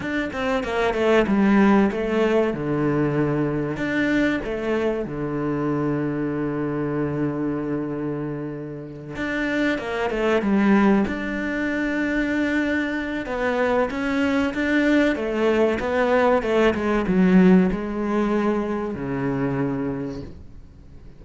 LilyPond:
\new Staff \with { instrumentName = "cello" } { \time 4/4 \tempo 4 = 95 d'8 c'8 ais8 a8 g4 a4 | d2 d'4 a4 | d1~ | d2~ d8 d'4 ais8 |
a8 g4 d'2~ d'8~ | d'4 b4 cis'4 d'4 | a4 b4 a8 gis8 fis4 | gis2 cis2 | }